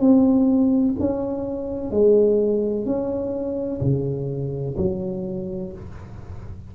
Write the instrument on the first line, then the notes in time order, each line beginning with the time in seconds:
tuba
0.00 C4
1.00 C#4
1.91 G#3
2.86 C#4
3.82 C#3
4.77 F#3